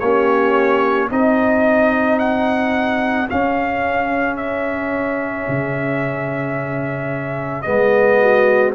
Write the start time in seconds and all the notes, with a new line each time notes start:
0.00 A#3 C#4 G4 C#5
1.10 C4 D#4 G#4 D#5
2.19 F#5
3.29 C#4 F5
4.37 E5
5.49 C#3
7.62 G#3 B3 D#5
8.21 F#4